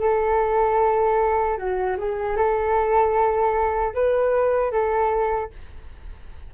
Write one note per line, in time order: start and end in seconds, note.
0.00 1.58 A4
1.58 1.97 F#4
1.98 2.37 G#4
2.37 3.95 A4
3.95 4.72 B4
4.72 5.51 A4